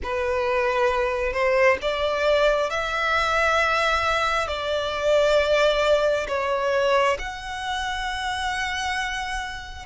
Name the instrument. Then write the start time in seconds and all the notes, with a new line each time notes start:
violin
0.02 B4
1.32 C5
1.82 D5
2.69 E5
4.47 D5
6.28 C#5
7.18 F#5